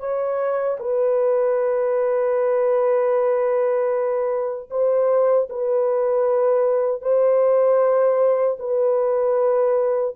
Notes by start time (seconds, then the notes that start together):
0.00 C#5
0.80 B4
4.70 C5
5.50 B4
7.02 C5
8.59 B4